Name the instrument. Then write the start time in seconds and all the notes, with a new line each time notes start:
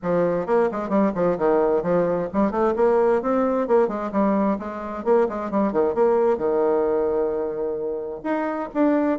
bassoon
0.02 F3
0.46 A#3
0.71 G#3
0.89 G3
1.14 F3
1.38 D#3
1.82 F3
2.33 G3
2.51 A3
2.76 A#3
3.21 C4
3.67 A#3
3.88 G#3
4.12 G3
4.58 G#3
5.04 A#3
5.28 G#3
5.50 G3
5.72 D#3
5.94 A#3
6.37 D#3
8.23 D#4
8.74 D4